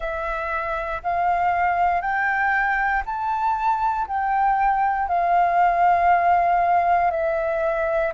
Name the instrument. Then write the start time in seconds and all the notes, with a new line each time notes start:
flute
0.00 E5
1.03 F5
2.01 G5
3.05 A5
4.07 G5
5.08 F5
7.10 E5